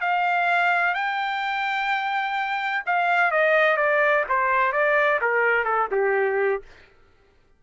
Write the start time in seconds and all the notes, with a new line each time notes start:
0.00 F5
0.94 G5
2.86 F5
3.31 D#5
3.77 D5
4.29 C5
4.72 D5
5.21 A#4
5.64 A4
5.91 G4